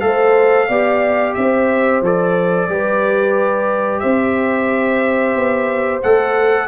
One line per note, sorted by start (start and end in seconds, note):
0.00 0.69 A3
0.00 0.67 A4
0.00 0.67 C5
0.00 1.33 F5
0.67 1.35 B3
0.67 2.04 G4
0.67 1.34 D5
1.34 2.01 C4
1.34 2.70 C5
1.34 2.01 E5
2.01 2.67 F3
2.01 2.69 A4
2.01 3.99 D5
2.67 4.01 G3
2.67 6.02 G4
2.67 4.02 B4
3.99 5.35 C4
3.99 6.67 C5
3.99 5.99 E5
5.35 6.02 B3
6.02 6.67 A3
6.02 6.67 A4
6.02 6.67 F#5